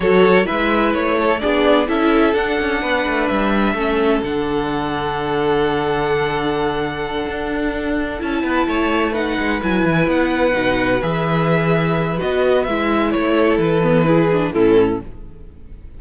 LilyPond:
<<
  \new Staff \with { instrumentName = "violin" } { \time 4/4 \tempo 4 = 128 cis''4 e''4 cis''4 d''4 | e''4 fis''2 e''4~ | e''4 fis''2.~ | fis''1~ |
fis''4. a''2 fis''8~ | fis''8 gis''4 fis''2 e''8~ | e''2 dis''4 e''4 | cis''4 b'2 a'4 | }
  \new Staff \with { instrumentName = "violin" } { \time 4/4 a'4 b'4. a'8 gis'4 | a'2 b'2 | a'1~ | a'1~ |
a'2 b'8 cis''4 b'8~ | b'1~ | b'1~ | b'8 a'4. gis'4 e'4 | }
  \new Staff \with { instrumentName = "viola" } { \time 4/4 fis'4 e'2 d'4 | e'4 d'2. | cis'4 d'2.~ | d'1~ |
d'4. e'2 dis'8~ | dis'8 e'2 dis'4 gis'8~ | gis'2 fis'4 e'4~ | e'4. b8 e'8 d'8 cis'4 | }
  \new Staff \with { instrumentName = "cello" } { \time 4/4 fis4 gis4 a4 b4 | cis'4 d'8 cis'8 b8 a8 g4 | a4 d2.~ | d2.~ d8 d'8~ |
d'4. cis'8 b8 a4. | gis8 fis8 e8 b4 b,4 e8~ | e2 b4 gis4 | a4 e2 a,4 | }
>>